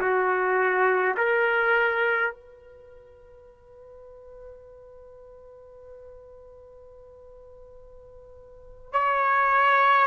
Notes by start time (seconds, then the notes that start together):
0.00 F#4
1.17 A#4
2.31 B4
8.93 C#5